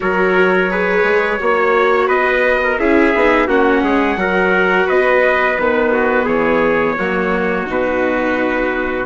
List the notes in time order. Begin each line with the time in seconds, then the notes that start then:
0.00 F#3 F#4 A#4 C#5
0.70 G#4 B4
1.03 G#3
1.39 A#3 F#4 C#5
2.07 B3 B4 D#5
2.63 A#4
2.78 C#4 E4 G#4 E5
3.14 B3 D#4
3.47 A#3 C#4 F#4 F#5
3.82 G#3 G#4
4.16 F#3 F#4 A#4
4.86 B3 B4 D#5
5.58 D#3 B3 B4
5.92 F#4
6.24 E3 G#4 C#5
6.98 F#3 A#3 F#4
7.66 B2 D#4 B4